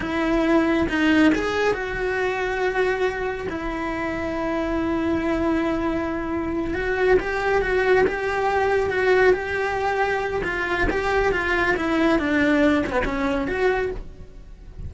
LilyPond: \new Staff \with { instrumentName = "cello" } { \time 4/4 \tempo 4 = 138 e'2 dis'4 gis'4 | fis'1 | e'1~ | e'2.~ e'8 fis'8~ |
fis'8 g'4 fis'4 g'4.~ | g'8 fis'4 g'2~ g'8 | f'4 g'4 f'4 e'4 | d'4. cis'16 b16 cis'4 fis'4 | }